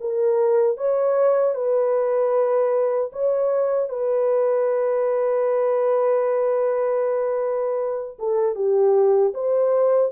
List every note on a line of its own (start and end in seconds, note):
0.00 0.77 A#4
0.77 1.55 C#5
1.55 3.11 B4
3.12 3.89 C#5
3.89 8.17 B4
8.19 8.55 A4
8.55 9.33 G4
9.34 10.12 C5